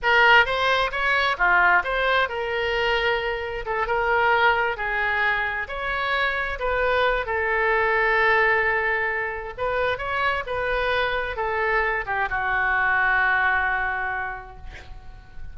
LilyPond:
\new Staff \with { instrumentName = "oboe" } { \time 4/4 \tempo 4 = 132 ais'4 c''4 cis''4 f'4 | c''4 ais'2. | a'8 ais'2 gis'4.~ | gis'8 cis''2 b'4. |
a'1~ | a'4 b'4 cis''4 b'4~ | b'4 a'4. g'8 fis'4~ | fis'1 | }